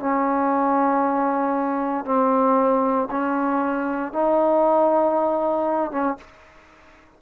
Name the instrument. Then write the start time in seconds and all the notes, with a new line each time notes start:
trombone
0.00 C#4
2.05 C4
3.11 C#4
4.13 D#4
5.92 C#4